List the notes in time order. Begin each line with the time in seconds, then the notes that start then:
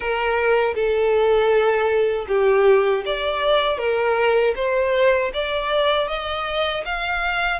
0.00 A#4
0.74 A4
2.28 G4
3.05 D5
3.78 A#4
4.55 C5
5.33 D5
6.08 D#5
6.85 F5